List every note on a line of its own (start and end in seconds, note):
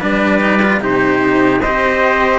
0.00 0.80 G3
0.00 0.41 D4
0.00 0.80 B4
0.00 0.82 D5
0.41 0.61 D#4
0.62 0.81 F4
0.80 1.60 C3
0.80 1.61 D#4
0.80 1.61 G4
0.80 1.61 C5
1.61 2.39 C4
1.61 2.39 G4
1.61 2.39 C5
1.61 2.39 D#5